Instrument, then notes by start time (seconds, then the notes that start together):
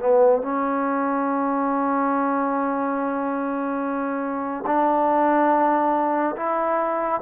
trombone
0.00 B3
0.42 C#4
4.67 D4
6.37 E4